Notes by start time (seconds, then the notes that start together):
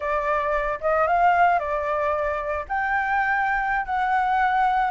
0.00 D5
0.81 D#5
1.07 F5
1.59 D5
2.68 G5
3.85 F#5